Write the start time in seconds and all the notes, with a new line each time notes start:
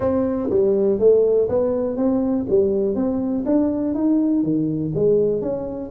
0.00 C4
0.50 G3
0.99 A3
1.48 B3
1.96 C4
2.49 G3
2.95 C4
3.45 D4
3.94 D#4
4.43 D#3
4.94 G#3
5.41 C#4